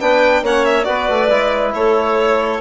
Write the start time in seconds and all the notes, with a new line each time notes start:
0.00 B3 D4 B4 G5
0.42 A#3 C#4 C#5 F#5
0.65 E5
0.84 B3 F#4 B4 D5
1.09 A3
1.30 G#3 E4
1.74 A3 A4 C#5